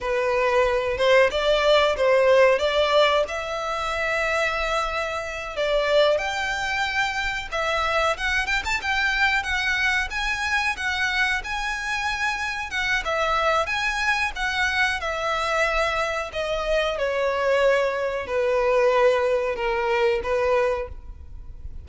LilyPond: \new Staff \with { instrumentName = "violin" } { \time 4/4 \tempo 4 = 92 b'4. c''8 d''4 c''4 | d''4 e''2.~ | e''8 d''4 g''2 e''8~ | e''8 fis''8 g''16 a''16 g''4 fis''4 gis''8~ |
gis''8 fis''4 gis''2 fis''8 | e''4 gis''4 fis''4 e''4~ | e''4 dis''4 cis''2 | b'2 ais'4 b'4 | }